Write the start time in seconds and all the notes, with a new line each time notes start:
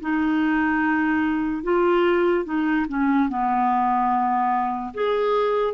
0.00 D#4
1.63 F4
2.44 D#4
2.88 C#4
3.28 B3
4.94 G#4